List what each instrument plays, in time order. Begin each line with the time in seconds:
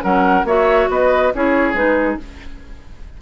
0.00 bassoon F#3, clarinet C#4, oboe A#4, flute F#5
0.44 bassoon A#3, clarinet F#4, oboe C#5, flute E5
0.89 bassoon B3, oboe B4, flute D#5
1.34 bassoon C#4, clarinet E4, oboe G#4, flute C#5
1.73 bassoon G#3, clarinet D#4, flute B4